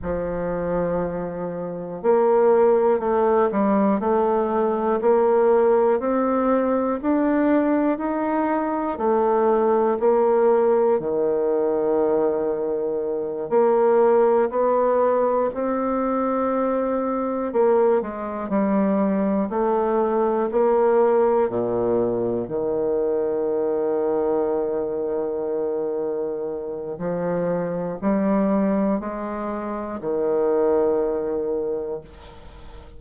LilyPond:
\new Staff \with { instrumentName = "bassoon" } { \time 4/4 \tempo 4 = 60 f2 ais4 a8 g8 | a4 ais4 c'4 d'4 | dis'4 a4 ais4 dis4~ | dis4. ais4 b4 c'8~ |
c'4. ais8 gis8 g4 a8~ | a8 ais4 ais,4 dis4.~ | dis2. f4 | g4 gis4 dis2 | }